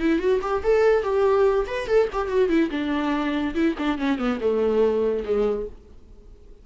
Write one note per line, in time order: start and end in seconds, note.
0.00 0.19 E4
0.19 0.40 F#4
0.42 0.63 G4
0.64 1.03 A4
1.03 1.66 G4
1.67 1.88 B4
1.88 2.09 A4
2.13 2.28 G4
2.28 2.49 F#4
2.49 2.70 E4
2.71 3.54 D4
3.55 3.76 E4
3.79 3.98 D4
3.98 4.18 C#4
4.18 4.39 B3
4.41 5.24 A3
5.25 5.67 G#3